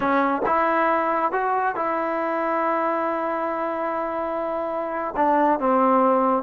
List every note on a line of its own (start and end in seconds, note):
0.00 0.42 C#4
0.46 1.32 E4
1.32 1.75 F#4
1.75 5.15 E4
5.16 5.59 D4
5.59 6.43 C4